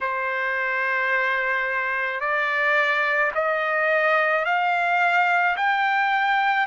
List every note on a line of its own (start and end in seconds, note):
0.01 2.20 C5
2.20 3.31 D5
3.34 4.45 D#5
4.45 5.56 F5
5.57 6.67 G5